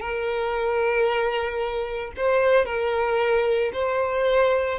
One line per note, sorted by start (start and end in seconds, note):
0.00 2.12 A#4
2.16 2.65 C5
2.65 3.71 A#4
3.73 4.79 C5